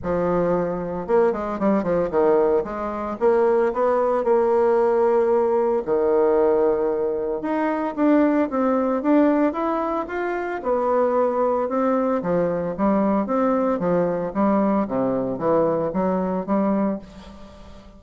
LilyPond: \new Staff \with { instrumentName = "bassoon" } { \time 4/4 \tempo 4 = 113 f2 ais8 gis8 g8 f8 | dis4 gis4 ais4 b4 | ais2. dis4~ | dis2 dis'4 d'4 |
c'4 d'4 e'4 f'4 | b2 c'4 f4 | g4 c'4 f4 g4 | c4 e4 fis4 g4 | }